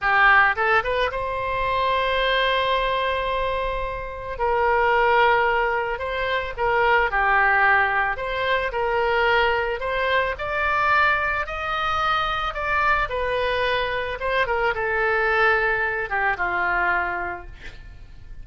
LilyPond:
\new Staff \with { instrumentName = "oboe" } { \time 4/4 \tempo 4 = 110 g'4 a'8 b'8 c''2~ | c''1 | ais'2. c''4 | ais'4 g'2 c''4 |
ais'2 c''4 d''4~ | d''4 dis''2 d''4 | b'2 c''8 ais'8 a'4~ | a'4. g'8 f'2 | }